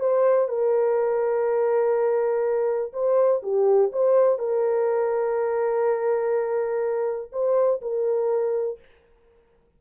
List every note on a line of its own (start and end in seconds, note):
0.00 0.49 C5
0.49 2.93 A#4
2.93 3.42 C5
3.43 3.92 G4
3.93 4.39 C5
4.39 7.31 A#4
7.33 7.81 C5
7.82 8.79 A#4